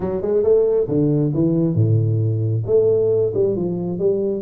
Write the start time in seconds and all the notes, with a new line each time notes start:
0.00 F#3
0.21 G#3
0.43 A3
0.88 D3
1.33 E3
1.74 A2
2.66 A3
3.34 G3
3.56 F3
3.98 G3